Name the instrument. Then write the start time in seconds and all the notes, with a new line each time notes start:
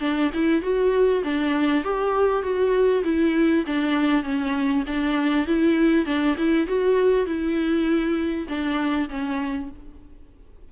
viola
0.00 D4
0.33 E4
0.62 F#4
1.23 D4
1.84 G4
2.42 F#4
3.04 E4
3.66 D4
4.23 C#4
4.87 D4
5.47 E4
6.06 D4
6.38 E4
6.67 F#4
7.26 E4
8.48 D4
9.09 C#4